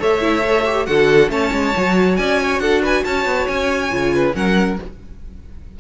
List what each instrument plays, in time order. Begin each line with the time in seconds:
0.00 cello A3, viola A4, violin C#5 E5
0.21 viola E4
0.42 viola A4
0.66 viola G4
0.86 cello D3, viola F#4, violin A4 F#5
1.29 cello A3, viola C#4, violin C#5 A5
1.52 cello G#3
1.76 cello F#3, viola F#4
2.16 cello C#4, violin D5 G#5
2.42 violin C#5
2.60 cello D4, violin A4 F#5
2.82 violin B4 G#5
3.04 cello C#4, violin C#5 A5
3.25 cello B3
3.48 cello C#4, violin G#5
3.91 cello C#3, viola F4
4.15 violin B4
4.33 cello F#3, viola C#4, violin A#4 F#5